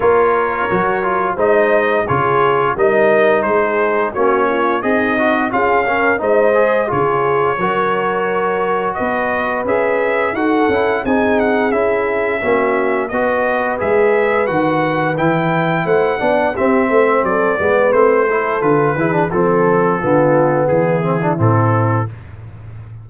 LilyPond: <<
  \new Staff \with { instrumentName = "trumpet" } { \time 4/4 \tempo 4 = 87 cis''2 dis''4 cis''4 | dis''4 c''4 cis''4 dis''4 | f''4 dis''4 cis''2~ | cis''4 dis''4 e''4 fis''4 |
gis''8 fis''8 e''2 dis''4 | e''4 fis''4 g''4 fis''4 | e''4 d''4 c''4 b'4 | a'2 gis'4 a'4 | }
  \new Staff \with { instrumentName = "horn" } { \time 4/4 ais'2 c''4 gis'4 | ais'4 gis'4 fis'8 f'8 dis'4 | gis'8 ais'8 c''4 gis'4 ais'4~ | ais'4 b'2 a'4 |
gis'2 fis'4 b'4~ | b'2. c''8 d''8 | g'8 c''8 a'8 b'4 a'4 gis'8 | a'4 f'4 e'2 | }
  \new Staff \with { instrumentName = "trombone" } { \time 4/4 f'4 fis'8 f'8 dis'4 f'4 | dis'2 cis'4 gis'8 fis'8 | f'8 cis'8 dis'8 gis'8 f'4 fis'4~ | fis'2 gis'4 fis'8 e'8 |
dis'4 e'4 cis'4 fis'4 | gis'4 fis'4 e'4. d'8 | c'4. b8 c'8 e'8 f'8 e'16 d'16 | c'4 b4. c'16 d'16 c'4 | }
  \new Staff \with { instrumentName = "tuba" } { \time 4/4 ais4 fis4 gis4 cis4 | g4 gis4 ais4 c'4 | cis'4 gis4 cis4 fis4~ | fis4 b4 cis'4 dis'8 cis'8 |
c'4 cis'4 ais4 b4 | gis4 dis4 e4 a8 b8 | c'8 a8 fis8 gis8 a4 d8 e8 | f4 d4 e4 a,4 | }
>>